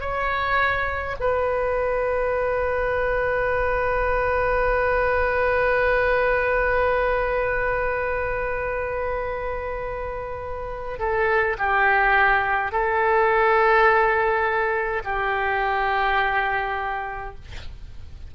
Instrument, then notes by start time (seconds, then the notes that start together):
oboe
0.00 C#5
1.20 B4
10.99 A4
11.58 G4
12.71 A4
15.04 G4